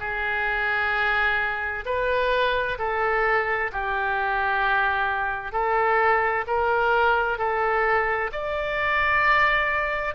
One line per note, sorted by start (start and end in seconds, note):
0.00 1.85 G#4
1.85 2.78 B4
2.79 3.71 A4
3.72 5.52 G4
5.52 6.44 A4
6.47 7.38 A#4
7.38 8.31 A4
8.32 10.15 D5